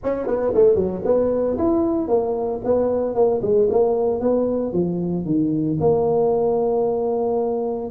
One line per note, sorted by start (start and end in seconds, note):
0.03 0.26 C#4
0.26 0.53 B3
0.54 0.75 A3
0.75 1.01 F#3
1.05 1.57 B3
1.57 2.08 E4
2.08 2.60 A#3
2.64 3.14 B3
3.14 3.41 A#3
3.42 3.68 G#3
3.69 4.20 A#3
4.20 4.72 B3
4.72 5.25 F3
5.25 5.78 D#3
5.80 7.90 A#3